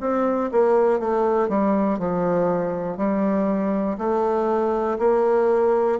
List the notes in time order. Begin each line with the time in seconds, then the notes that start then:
0.00 C4
0.51 A#3
0.99 A3
1.49 G3
1.99 F3
2.97 G3
3.98 A3
4.99 A#3